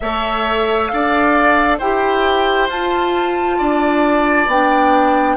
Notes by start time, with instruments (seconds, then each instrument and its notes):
0.00 bassoon A3, clarinet A4, oboe C#5, flute E5
0.87 bassoon D4, oboe D5, flute F5
1.78 bassoon E4, clarinet G4, oboe C5, flute G5
2.68 bassoon F4, clarinet F4, flute A5
3.57 bassoon D4, oboe D5
4.47 bassoon B3, clarinet D4, flute G5